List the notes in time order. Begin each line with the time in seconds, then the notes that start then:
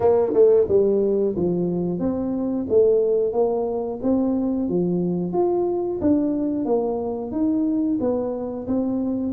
0.00 A#3
0.33 A3
0.68 G3
1.36 F3
1.99 C4
2.69 A3
3.32 A#3
4.02 C4
4.68 F3
5.32 F4
6.01 D4
6.65 A#3
7.32 D#4
8.00 B3
8.67 C4